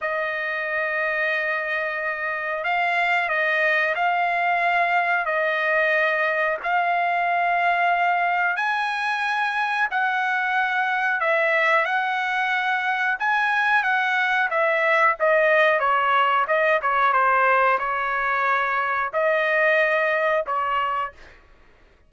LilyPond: \new Staff \with { instrumentName = "trumpet" } { \time 4/4 \tempo 4 = 91 dis''1 | f''4 dis''4 f''2 | dis''2 f''2~ | f''4 gis''2 fis''4~ |
fis''4 e''4 fis''2 | gis''4 fis''4 e''4 dis''4 | cis''4 dis''8 cis''8 c''4 cis''4~ | cis''4 dis''2 cis''4 | }